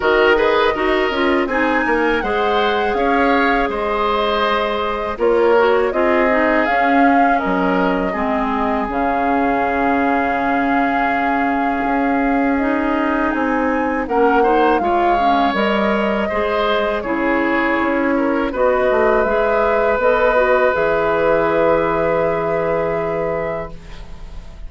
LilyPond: <<
  \new Staff \with { instrumentName = "flute" } { \time 4/4 \tempo 4 = 81 dis''2 gis''4 fis''4 | f''4 dis''2 cis''4 | dis''4 f''4 dis''2 | f''1~ |
f''4 dis''4 gis''4 fis''4 | f''4 dis''2 cis''4~ | cis''4 dis''4 e''4 dis''4 | e''1 | }
  \new Staff \with { instrumentName = "oboe" } { \time 4/4 ais'8 b'8 ais'4 gis'8 ais'8 c''4 | cis''4 c''2 ais'4 | gis'2 ais'4 gis'4~ | gis'1~ |
gis'2. ais'8 c''8 | cis''2 c''4 gis'4~ | gis'8 ais'8 b'2.~ | b'1 | }
  \new Staff \with { instrumentName = "clarinet" } { \time 4/4 fis'8 gis'8 fis'8 f'8 dis'4 gis'4~ | gis'2. f'8 fis'8 | f'8 dis'8 cis'2 c'4 | cis'1~ |
cis'4 dis'2 cis'8 dis'8 | f'8 cis'8 ais'4 gis'4 e'4~ | e'4 fis'4 gis'4 a'8 fis'8 | gis'1 | }
  \new Staff \with { instrumentName = "bassoon" } { \time 4/4 dis4 dis'8 cis'8 c'8 ais8 gis4 | cis'4 gis2 ais4 | c'4 cis'4 fis4 gis4 | cis1 |
cis'2 c'4 ais4 | gis4 g4 gis4 cis4 | cis'4 b8 a8 gis4 b4 | e1 | }
>>